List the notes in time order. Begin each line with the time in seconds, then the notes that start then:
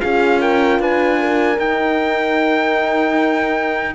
0.00 C#4 F4 G#4 F5
0.40 A#4 G5
0.79 D4 B4 G#5
1.19 A#4
1.58 D#4 G5